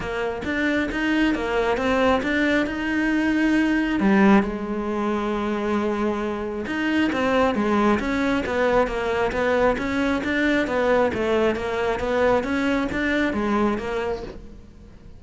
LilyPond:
\new Staff \with { instrumentName = "cello" } { \time 4/4 \tempo 4 = 135 ais4 d'4 dis'4 ais4 | c'4 d'4 dis'2~ | dis'4 g4 gis2~ | gis2. dis'4 |
c'4 gis4 cis'4 b4 | ais4 b4 cis'4 d'4 | b4 a4 ais4 b4 | cis'4 d'4 gis4 ais4 | }